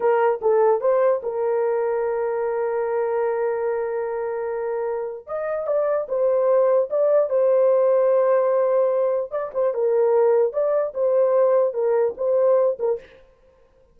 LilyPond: \new Staff \with { instrumentName = "horn" } { \time 4/4 \tempo 4 = 148 ais'4 a'4 c''4 ais'4~ | ais'1~ | ais'1~ | ais'4 dis''4 d''4 c''4~ |
c''4 d''4 c''2~ | c''2. d''8 c''8 | ais'2 d''4 c''4~ | c''4 ais'4 c''4. ais'8 | }